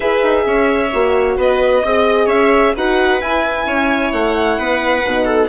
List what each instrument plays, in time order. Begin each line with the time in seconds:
0.00 bassoon E4, horn G#4, viola B4, violin E5
0.23 bassoon D#4
0.45 bassoon C#4, viola C#5
0.92 bassoon A#3, horn F#4
1.37 bassoon B3, viola B4, violin D#5
1.83 bassoon C4, horn G#4, viola D#5
2.26 bassoon C#4, viola C#5, violin E5
2.76 bassoon D#4, horn F#4, viola B4, violin F#5
3.20 horn E4, bassoon E4, violin G#5
3.66 bassoon C#4, viola C#5
4.12 bassoon A3, violin F#5
4.58 bassoon B3, viola B4
5.05 bassoon B2, horn D#4
5.25 viola A4